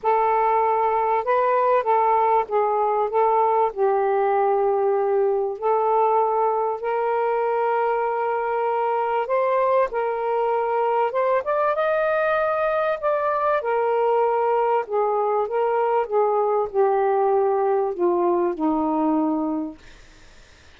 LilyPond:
\new Staff \with { instrumentName = "saxophone" } { \time 4/4 \tempo 4 = 97 a'2 b'4 a'4 | gis'4 a'4 g'2~ | g'4 a'2 ais'4~ | ais'2. c''4 |
ais'2 c''8 d''8 dis''4~ | dis''4 d''4 ais'2 | gis'4 ais'4 gis'4 g'4~ | g'4 f'4 dis'2 | }